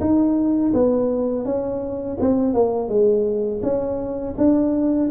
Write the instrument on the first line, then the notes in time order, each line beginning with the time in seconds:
tuba
0.00 D#4
0.73 B3
1.45 C#4
2.20 C4
2.54 A#3
2.88 G#3
3.62 C#4
4.37 D4